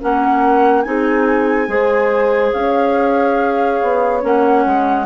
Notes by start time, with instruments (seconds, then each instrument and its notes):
0.00 bassoon A#3, clarinet C#4, horn A#4, flute F#5
0.82 bassoon C4, clarinet D#4, horn G#4, flute G#5
1.67 bassoon G#3, clarinet G#4, horn C5
2.53 bassoon C#4, horn C#5, flute F5
3.82 bassoon B3
4.21 bassoon A#3, clarinet C#4, flute F#5
4.66 bassoon G#3